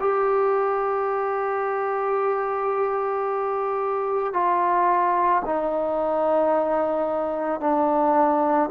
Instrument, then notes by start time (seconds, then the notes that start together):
trombone
0.00 G4
4.33 F4
5.45 D#4
7.60 D4